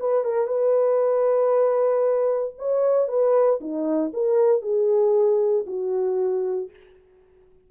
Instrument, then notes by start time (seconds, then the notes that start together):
horn
0.00 B4
0.24 A#4
0.47 B4
2.59 C#5
3.08 B4
3.61 D#4
4.14 A#4
4.62 G#4
5.67 F#4